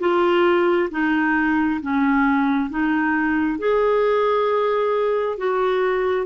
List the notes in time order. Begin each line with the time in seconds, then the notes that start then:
0.00 F4
0.91 D#4
1.82 C#4
2.70 D#4
3.59 G#4
5.38 F#4